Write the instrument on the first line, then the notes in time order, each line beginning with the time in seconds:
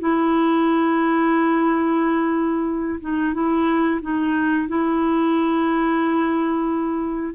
clarinet
0.00 E4
3.01 D#4
3.34 E4
4.02 D#4
4.68 E4